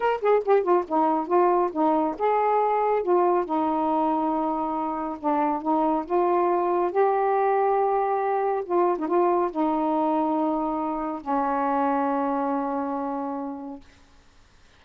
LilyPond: \new Staff \with { instrumentName = "saxophone" } { \time 4/4 \tempo 4 = 139 ais'8 gis'8 g'8 f'8 dis'4 f'4 | dis'4 gis'2 f'4 | dis'1 | d'4 dis'4 f'2 |
g'1 | f'8. dis'16 f'4 dis'2~ | dis'2 cis'2~ | cis'1 | }